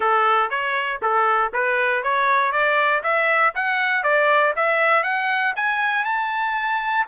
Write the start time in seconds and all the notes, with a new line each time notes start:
0.00 A4
0.50 C#5
1.02 A4
1.53 B4
2.03 C#5
2.51 D5
3.03 E5
3.55 F#5
4.03 D5
4.56 E5
5.03 F#5
5.56 G#5
6.04 A5